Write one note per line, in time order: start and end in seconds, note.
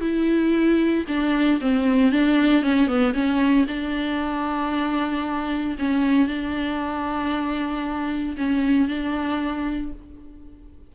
0.00 1.04 E4
1.08 1.60 D4
1.60 2.12 C4
2.12 2.63 D4
2.63 2.87 C#4
2.87 3.13 B3
3.13 3.65 C#4
3.68 5.76 D4
5.79 6.27 C#4
6.27 8.36 D4
8.37 8.88 C#4
8.88 9.92 D4